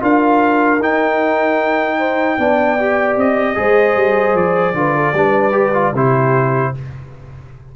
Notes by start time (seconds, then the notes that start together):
0.00 D4 F4 A#4 F5
0.79 D#4 G5
1.98 C5
2.39 B3 D4 D5
2.79 G4
3.17 C4 D#5
3.55 G#3 G#4 C5
3.96 G3
4.34 F3 D5
4.73 D3 F4 B4
4.96 A4
5.14 G3 D4 B4
5.52 G4
5.74 F4
5.93 C3 E4 G4 C5